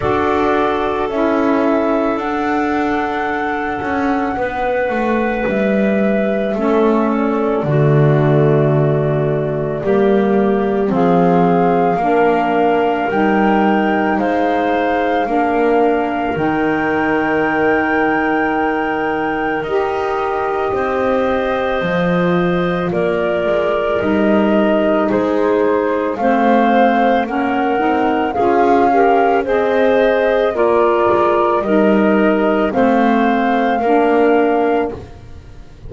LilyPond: <<
  \new Staff \with { instrumentName = "flute" } { \time 4/4 \tempo 4 = 55 d''4 e''4 fis''2~ | fis''4 e''4. d''4.~ | d''2 f''2 | g''4 f''2 g''4~ |
g''2 dis''2~ | dis''4 d''4 dis''4 c''4 | f''4 fis''4 f''4 dis''4 | d''4 dis''4 f''2 | }
  \new Staff \with { instrumentName = "clarinet" } { \time 4/4 a'1 | b'2 a'4 fis'4~ | fis'4 g'4 gis'4 ais'4~ | ais'4 c''4 ais'2~ |
ais'2. c''4~ | c''4 ais'2 gis'4 | c''4 ais'4 gis'8 ais'8 c''4 | f'4 ais'4 c''4 ais'4 | }
  \new Staff \with { instrumentName = "saxophone" } { \time 4/4 fis'4 e'4 d'2~ | d'2 cis'4 a4~ | a4 ais4 c'4 d'4 | dis'2 d'4 dis'4~ |
dis'2 g'2 | f'2 dis'2 | c'4 cis'8 dis'8 f'8 g'8 gis'4 | ais'4 dis'4 c'4 d'4 | }
  \new Staff \with { instrumentName = "double bass" } { \time 4/4 d'4 cis'4 d'4. cis'8 | b8 a8 g4 a4 d4~ | d4 g4 f4 ais4 | g4 gis4 ais4 dis4~ |
dis2 dis'4 c'4 | f4 ais8 gis8 g4 gis4 | a4 ais8 c'8 cis'4 c'4 | ais8 gis8 g4 a4 ais4 | }
>>